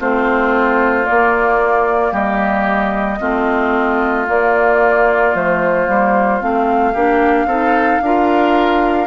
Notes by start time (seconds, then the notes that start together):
0.00 A3 C4 F4 C5
1.05 A#3 D5
2.12 G3 G4 D#5
3.20 A3 C4 F4
4.27 A#3 D5
5.34 F3 A3 C5
5.86 G3 A#3
6.40 A3 C4 F5
6.93 A#3 D4 G4
7.46 C4 D#4 A4
8.01 D4 F4 A#4